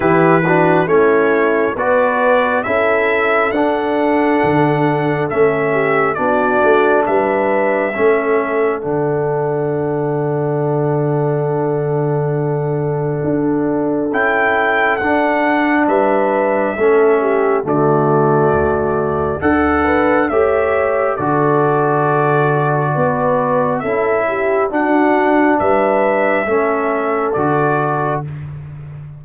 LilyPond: <<
  \new Staff \with { instrumentName = "trumpet" } { \time 4/4 \tempo 4 = 68 b'4 cis''4 d''4 e''4 | fis''2 e''4 d''4 | e''2 fis''2~ | fis''1 |
g''4 fis''4 e''2 | d''2 fis''4 e''4 | d''2. e''4 | fis''4 e''2 d''4 | }
  \new Staff \with { instrumentName = "horn" } { \time 4/4 g'8 fis'8 e'4 b'4 a'4~ | a'2~ a'8 g'8 fis'4 | b'4 a'2.~ | a'1~ |
a'2 b'4 a'8 g'8 | fis'2 a'8 b'8 cis''4 | a'2 b'4 a'8 g'8 | fis'4 b'4 a'2 | }
  \new Staff \with { instrumentName = "trombone" } { \time 4/4 e'8 d'8 cis'4 fis'4 e'4 | d'2 cis'4 d'4~ | d'4 cis'4 d'2~ | d'1 |
e'4 d'2 cis'4 | a2 a'4 g'4 | fis'2. e'4 | d'2 cis'4 fis'4 | }
  \new Staff \with { instrumentName = "tuba" } { \time 4/4 e4 a4 b4 cis'4 | d'4 d4 a4 b8 a8 | g4 a4 d2~ | d2. d'4 |
cis'4 d'4 g4 a4 | d4 d,4 d'4 a4 | d2 b4 cis'4 | d'4 g4 a4 d4 | }
>>